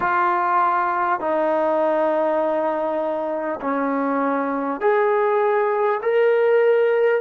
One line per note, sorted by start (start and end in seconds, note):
0.00 1.19 F4
1.19 3.59 D#4
3.61 4.80 C#4
4.80 6.00 G#4
6.02 7.21 A#4